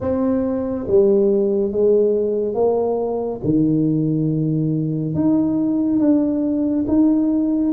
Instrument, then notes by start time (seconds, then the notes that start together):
tuba
0.00 C4
0.87 G3
1.71 G#3
2.54 A#3
3.44 D#3
5.14 D#4
5.99 D4
6.87 D#4